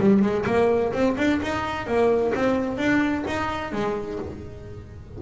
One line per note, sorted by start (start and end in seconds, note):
0.00 0.22 G3
0.22 0.45 G#3
0.46 0.92 A#3
0.93 1.16 C4
1.17 1.40 D4
1.42 1.86 D#4
1.86 2.33 A#3
2.35 2.77 C4
2.77 3.24 D4
3.27 3.72 D#4
3.72 4.19 G#3